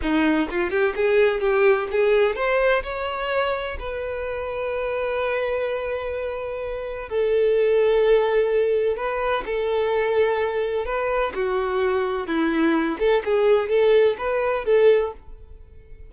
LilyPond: \new Staff \with { instrumentName = "violin" } { \time 4/4 \tempo 4 = 127 dis'4 f'8 g'8 gis'4 g'4 | gis'4 c''4 cis''2 | b'1~ | b'2. a'4~ |
a'2. b'4 | a'2. b'4 | fis'2 e'4. a'8 | gis'4 a'4 b'4 a'4 | }